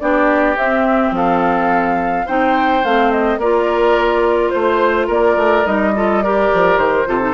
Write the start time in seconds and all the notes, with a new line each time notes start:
0.00 B3 D4 G4 D5
0.57 C4 E5
1.12 F3 A4 F5
2.26 C4 D#4 C5 G5
2.84 A3 C4 F5
3.12 D#5
3.38 A#3 F4 A#4 D5
4.50 A3 C5
5.07 A#3 A#4 D5
5.37 A3
5.66 G3 D#4 D#5
5.96 F4 A4
6.23 G4 A#4 D5
6.54 F3
6.78 D#3 C5
7.07 C3 F4 A4
7.21 D#4